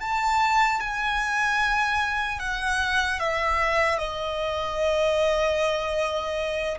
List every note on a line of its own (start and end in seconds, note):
0.00 0.80 A5
0.80 2.39 G#5
2.39 3.19 F#5
3.19 3.98 E5
3.98 6.78 D#5